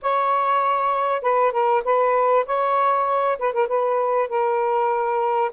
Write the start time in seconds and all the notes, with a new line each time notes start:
0.02 C#5
1.22 B4
1.52 A#4
1.84 B4
2.46 C#5
3.38 B4
3.53 A#4
3.67 B4
4.28 A#4